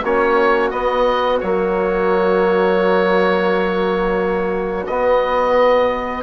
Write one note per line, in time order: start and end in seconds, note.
0.00 0.72 A#3
0.00 0.73 C#4
0.00 6.21 F#4
0.00 0.71 C#5
0.71 1.41 B3
0.71 1.42 B3
0.71 1.40 D#5
1.41 4.88 F#3
1.41 4.87 A#3
1.41 4.85 C#5
4.87 6.23 B3
4.87 6.23 D#5